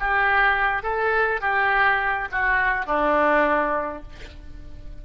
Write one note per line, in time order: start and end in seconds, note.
0.00 0.83 G4
0.83 1.41 A4
1.41 2.29 G4
2.32 2.86 F#4
2.86 4.03 D4